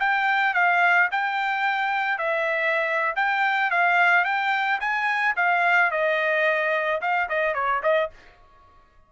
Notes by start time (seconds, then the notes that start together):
0.00 G5
0.54 F5
1.11 G5
2.18 E5
3.16 G5
3.71 F5
4.25 G5
4.80 G#5
5.36 F5
5.91 D#5
7.01 F5
7.29 D#5
7.54 C#5
7.83 D#5